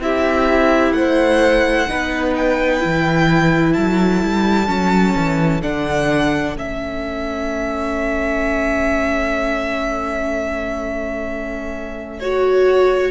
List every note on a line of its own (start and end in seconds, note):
0.00 0.92 C4
0.00 1.88 E4
0.00 0.96 G4
0.00 0.93 E5
0.92 1.86 A3
0.92 1.89 C5
0.92 2.34 F#5
1.88 2.85 B3
1.88 2.80 D#4
1.88 3.74 B4
2.36 3.73 G5
2.80 3.77 E3
2.80 4.67 E4
3.73 4.23 F#3
3.73 13.11 A4
3.73 5.61 A5
4.23 4.68 G3
4.67 5.15 F#3
4.67 5.60 C#4
5.16 5.62 E3
5.62 6.55 D3
5.62 6.56 D4
5.62 6.57 F#5
6.55 13.11 A3
6.55 12.19 C#4
6.55 12.20 E5
12.20 13.11 F#4
12.20 13.11 C#5